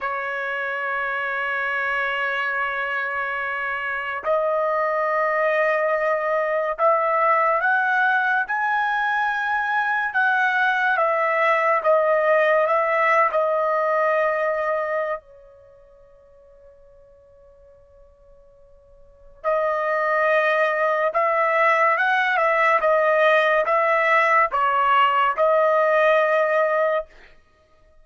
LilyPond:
\new Staff \with { instrumentName = "trumpet" } { \time 4/4 \tempo 4 = 71 cis''1~ | cis''4 dis''2. | e''4 fis''4 gis''2 | fis''4 e''4 dis''4 e''8. dis''16~ |
dis''2 cis''2~ | cis''2. dis''4~ | dis''4 e''4 fis''8 e''8 dis''4 | e''4 cis''4 dis''2 | }